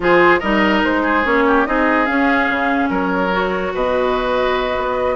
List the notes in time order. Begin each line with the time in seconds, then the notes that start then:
0.00 F3 F4 G#4 C5
0.39 G3 D#4 A#4 D#5
0.84 G#3 C5
1.02 G#4
1.25 A#3 C#4 C#5
1.46 G4
1.66 C4 D#4 G#4 D#5
2.06 C#4 F5
2.49 C#3
2.89 F#3 A#4 C#5
3.31 F#4
3.73 B2 B4 D#5
4.77 B3